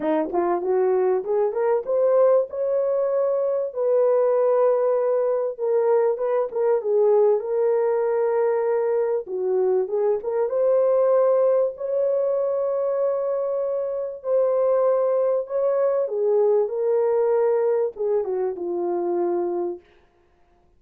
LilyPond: \new Staff \with { instrumentName = "horn" } { \time 4/4 \tempo 4 = 97 dis'8 f'8 fis'4 gis'8 ais'8 c''4 | cis''2 b'2~ | b'4 ais'4 b'8 ais'8 gis'4 | ais'2. fis'4 |
gis'8 ais'8 c''2 cis''4~ | cis''2. c''4~ | c''4 cis''4 gis'4 ais'4~ | ais'4 gis'8 fis'8 f'2 | }